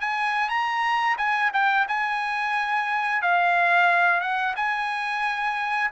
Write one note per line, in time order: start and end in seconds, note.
0.00 0.49 G#5
0.49 1.16 A#5
1.18 1.51 G#5
1.53 1.87 G5
1.88 3.22 G#5
3.22 4.20 F5
4.20 4.54 F#5
4.56 5.91 G#5